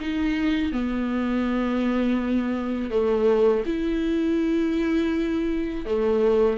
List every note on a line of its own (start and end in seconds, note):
0.00 0.72 D#4
0.72 2.90 B3
2.90 3.63 A3
3.66 5.85 E4
5.85 6.58 A3